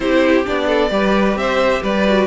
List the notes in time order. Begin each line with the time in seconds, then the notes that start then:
0.00 C4 E4 G4 C5
0.44 B3 D4 D5
0.67 A4
0.90 G3 G4 B4
1.35 C4 C5 E5
1.82 G3 B4 D5
2.06 F#4